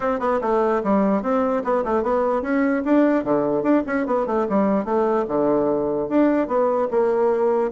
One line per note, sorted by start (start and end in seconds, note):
0.00 0.19 C4
0.19 0.39 B3
0.41 0.81 A3
0.83 1.22 G3
1.22 1.63 C4
1.63 1.84 B3
1.84 2.03 A3
2.03 2.42 B3
2.42 2.82 C#4
2.84 3.23 D4
3.23 3.62 D3
3.62 3.83 D4
3.86 4.06 C#4
4.06 4.26 B3
4.26 4.46 A3
4.49 4.84 G3
4.84 5.25 A3
5.28 6.08 D3
6.08 6.47 D4
6.47 6.88 B3
6.90 7.71 A#3